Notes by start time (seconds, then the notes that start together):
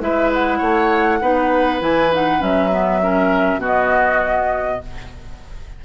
0.00 G#3 E4 B4 E5
0.33 F#5
0.58 A3 C#5
1.21 B3 D#4 B4
1.80 E3 E4 G#5
2.13 D#4 F#5
2.39 F#3 C#4 E5
2.71 B3
3.02 C#4 A#4
3.57 B2 B3 F#4
3.64 D#5